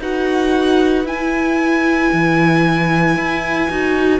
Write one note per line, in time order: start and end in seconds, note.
0.00 1.05 D#4
0.00 1.06 F#4
0.00 4.20 B4
0.00 1.07 F#5
1.05 2.11 E4
1.05 3.69 E4
1.05 4.20 G#5
2.13 3.17 E3
3.17 3.70 E4
3.70 4.20 D#4
3.70 4.20 F#4